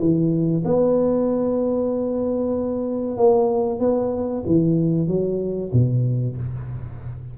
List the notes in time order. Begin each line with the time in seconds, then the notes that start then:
0.00 E3
0.65 B3
3.18 A#3
3.80 B3
4.47 E3
5.08 F#3
5.73 B2